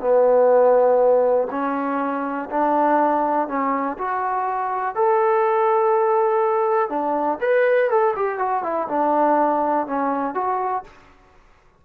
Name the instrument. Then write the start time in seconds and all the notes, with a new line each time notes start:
trombone
0.00 B3
1.50 C#4
2.49 D4
3.47 C#4
3.98 F#4
4.95 A4
6.89 D4
7.40 B4
7.90 A4
8.16 G4
8.38 F#4
8.63 E4
8.88 D4
9.86 C#4
10.34 F#4